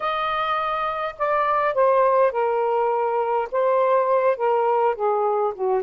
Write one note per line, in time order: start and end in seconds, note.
0.00 1.15 D#5
1.18 1.74 D5
1.74 2.31 C5
2.31 3.48 A#4
3.51 4.36 C5
4.36 4.95 A#4
4.95 5.53 G#4
5.54 5.83 F#4